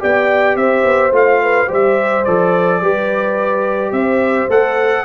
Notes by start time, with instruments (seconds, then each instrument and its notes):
0.00 tuba B3, trombone G4, horn D5, trumpet G5
0.56 tuba C4, horn C5, trumpet E5
0.85 tuba B3
1.12 tuba A3, trombone F4, trumpet F5
1.43 horn B4
1.68 tuba G3, trombone G4, horn C5, trumpet E5
2.25 tuba F3, trombone A4, trumpet D5
2.81 tuba G3, trombone G4, horn B4
3.92 tuba C4, horn C5, trumpet E5
4.49 tuba A3, trombone A4, trumpet F#5